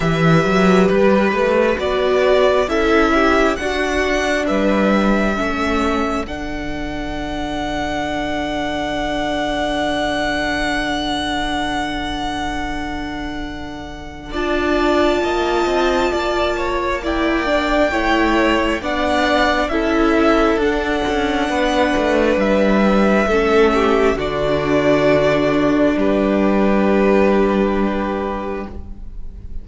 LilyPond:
<<
  \new Staff \with { instrumentName = "violin" } { \time 4/4 \tempo 4 = 67 e''4 b'4 d''4 e''4 | fis''4 e''2 fis''4~ | fis''1~ | fis''1 |
a''2. g''4~ | g''4 fis''4 e''4 fis''4~ | fis''4 e''2 d''4~ | d''4 b'2. | }
  \new Staff \with { instrumentName = "violin" } { \time 4/4 b'2. a'8 g'8 | fis'4 b'4 a'2~ | a'1~ | a'1 |
d''4 dis''4 d''8 cis''8 d''4 | cis''4 d''4 a'2 | b'2 a'8 g'8 fis'4~ | fis'4 g'2. | }
  \new Staff \with { instrumentName = "viola" } { \time 4/4 g'2 fis'4 e'4 | d'2 cis'4 d'4~ | d'1~ | d'1 |
f'2. e'8 d'8 | e'4 d'4 e'4 d'4~ | d'2 cis'4 d'4~ | d'1 | }
  \new Staff \with { instrumentName = "cello" } { \time 4/4 e8 fis8 g8 a8 b4 cis'4 | d'4 g4 a4 d4~ | d1~ | d1 |
d'4 ais8 c'8 ais2 | a4 b4 cis'4 d'8 cis'8 | b8 a8 g4 a4 d4~ | d4 g2. | }
>>